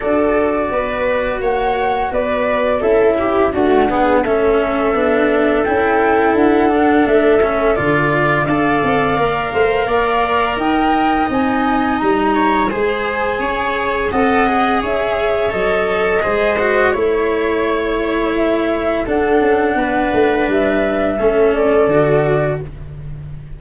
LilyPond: <<
  \new Staff \with { instrumentName = "flute" } { \time 4/4 \tempo 4 = 85 d''2 fis''4 d''4 | e''4 fis''4 e''2 | g''4 fis''4 e''4 d''4 | f''2. g''4 |
gis''4 ais''4 gis''2 | fis''4 e''4 dis''2 | cis''2 e''4 fis''4~ | fis''4 e''4. d''4. | }
  \new Staff \with { instrumentName = "viola" } { \time 4/4 a'4 b'4 cis''4 b'4 | a'8 g'8 fis'8 gis'8 a'2~ | a'1 | d''4. c''8 d''4 dis''4~ |
dis''4. cis''8 c''4 cis''4 | dis''4 cis''2 c''4 | cis''2. a'4 | b'2 a'2 | }
  \new Staff \with { instrumentName = "cello" } { \time 4/4 fis'1 | e'4 a8 b8 cis'4 d'4 | e'4. d'4 cis'8 f'4 | a'4 ais'2. |
dis'2 gis'2 | a'8 gis'4. a'4 gis'8 fis'8 | e'2. d'4~ | d'2 cis'4 fis'4 | }
  \new Staff \with { instrumentName = "tuba" } { \time 4/4 d'4 b4 ais4 b4 | cis'4 d'4 a4 b4 | cis'4 d'4 a4 d4 | d'8 c'8 ais8 a8 ais4 dis'4 |
c'4 g4 gis4 cis'4 | c'4 cis'4 fis4 gis4 | a2. d'8 cis'8 | b8 a8 g4 a4 d4 | }
>>